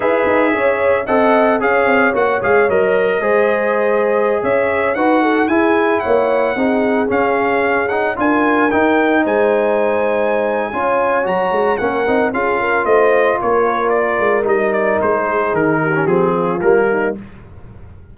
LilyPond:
<<
  \new Staff \with { instrumentName = "trumpet" } { \time 4/4 \tempo 4 = 112 e''2 fis''4 f''4 | fis''8 f''8 dis''2.~ | dis''16 e''4 fis''4 gis''4 fis''8.~ | fis''4~ fis''16 f''4. fis''8 gis''8.~ |
gis''16 g''4 gis''2~ gis''8.~ | gis''4 ais''4 fis''4 f''4 | dis''4 cis''4 d''4 dis''8 d''8 | c''4 ais'4 gis'4 ais'4 | }
  \new Staff \with { instrumentName = "horn" } { \time 4/4 b'4 cis''4 dis''4 cis''4~ | cis''2 c''2~ | c''16 cis''4 b'8 a'8 gis'4 cis''8.~ | cis''16 gis'2. ais'8.~ |
ais'4~ ais'16 c''2~ c''8. | cis''2 ais'4 gis'8 ais'8 | c''4 ais'2.~ | ais'8 gis'4 g'4 f'4 dis'8 | }
  \new Staff \with { instrumentName = "trombone" } { \time 4/4 gis'2 a'4 gis'4 | fis'8 gis'8 ais'4 gis'2~ | gis'4~ gis'16 fis'4 e'4.~ e'16~ | e'16 dis'4 cis'4. dis'8 f'8.~ |
f'16 dis'2.~ dis'8. | f'4 fis'4 cis'8 dis'8 f'4~ | f'2. dis'4~ | dis'4.~ dis'16 cis'16 c'4 ais4 | }
  \new Staff \with { instrumentName = "tuba" } { \time 4/4 e'8 dis'8 cis'4 c'4 cis'8 c'8 | ais8 gis8 fis4 gis2~ | gis16 cis'4 dis'4 e'4 ais8.~ | ais16 c'4 cis'2 d'8.~ |
d'16 dis'4 gis2~ gis8. | cis'4 fis8 gis8 ais8 c'8 cis'4 | a4 ais4. gis8 g4 | gis4 dis4 f4 g4 | }
>>